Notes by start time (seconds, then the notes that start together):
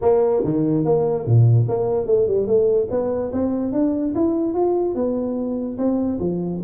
0.01 A#3
0.44 D#3
0.84 A#3
1.26 A#2
1.68 A#3
2.06 A3
2.27 G3
2.46 A3
2.90 B3
3.32 C4
3.72 D4
4.14 E4
4.53 F4
4.94 B3
5.77 C4
6.19 F3